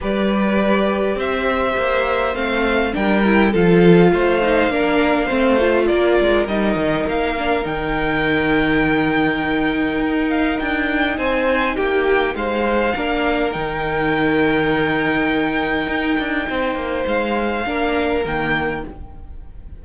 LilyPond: <<
  \new Staff \with { instrumentName = "violin" } { \time 4/4 \tempo 4 = 102 d''2 e''2 | f''4 g''4 f''2~ | f''2 d''4 dis''4 | f''4 g''2.~ |
g''4. f''8 g''4 gis''4 | g''4 f''2 g''4~ | g''1~ | g''4 f''2 g''4 | }
  \new Staff \with { instrumentName = "violin" } { \time 4/4 b'2 c''2~ | c''4 ais'4 a'4 c''4 | ais'4 c''4 ais'2~ | ais'1~ |
ais'2. c''4 | g'4 c''4 ais'2~ | ais'1 | c''2 ais'2 | }
  \new Staff \with { instrumentName = "viola" } { \time 4/4 g'1 | c'4 d'8 e'8 f'4. dis'8 | d'4 c'8 f'4. dis'4~ | dis'8 d'8 dis'2.~ |
dis'1~ | dis'2 d'4 dis'4~ | dis'1~ | dis'2 d'4 ais4 | }
  \new Staff \with { instrumentName = "cello" } { \time 4/4 g2 c'4 ais4 | a4 g4 f4 a4 | ais4 a4 ais8 gis8 g8 dis8 | ais4 dis2.~ |
dis4 dis'4 d'4 c'4 | ais4 gis4 ais4 dis4~ | dis2. dis'8 d'8 | c'8 ais8 gis4 ais4 dis4 | }
>>